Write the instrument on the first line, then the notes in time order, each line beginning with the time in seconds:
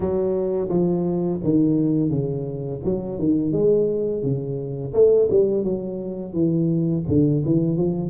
tuba
0.00 F#3
0.69 F3
1.43 D#3
2.10 C#3
2.84 F#3
3.18 D#3
3.52 G#3
4.22 C#3
4.93 A3
5.30 G3
5.63 F#3
6.33 E3
7.08 D3
7.45 E3
7.77 F3